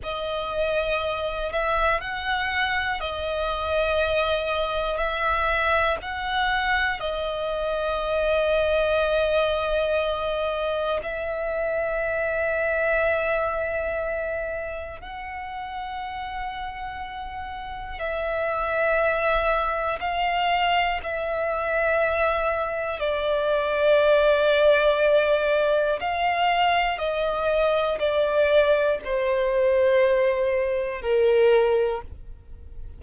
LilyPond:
\new Staff \with { instrumentName = "violin" } { \time 4/4 \tempo 4 = 60 dis''4. e''8 fis''4 dis''4~ | dis''4 e''4 fis''4 dis''4~ | dis''2. e''4~ | e''2. fis''4~ |
fis''2 e''2 | f''4 e''2 d''4~ | d''2 f''4 dis''4 | d''4 c''2 ais'4 | }